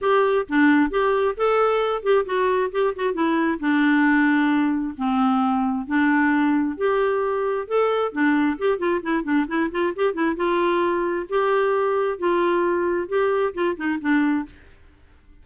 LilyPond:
\new Staff \with { instrumentName = "clarinet" } { \time 4/4 \tempo 4 = 133 g'4 d'4 g'4 a'4~ | a'8 g'8 fis'4 g'8 fis'8 e'4 | d'2. c'4~ | c'4 d'2 g'4~ |
g'4 a'4 d'4 g'8 f'8 | e'8 d'8 e'8 f'8 g'8 e'8 f'4~ | f'4 g'2 f'4~ | f'4 g'4 f'8 dis'8 d'4 | }